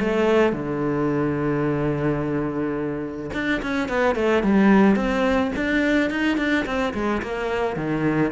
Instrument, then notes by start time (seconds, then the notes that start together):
cello
0.00 A3
0.53 D3
3.34 D4
3.62 C#4
3.89 B3
4.16 A3
4.43 G3
4.96 C4
5.57 D4
6.11 D#4
6.38 D4
6.66 C4
6.94 G#3
7.22 A#3
7.77 D#3